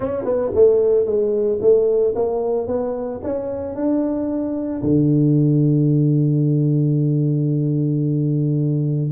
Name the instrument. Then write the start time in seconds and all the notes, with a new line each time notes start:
tuba
0.00 C#4
0.24 B3
0.55 A3
1.05 G#3
1.61 A3
2.15 A#3
2.67 B3
3.23 C#4
3.75 D4
4.82 D3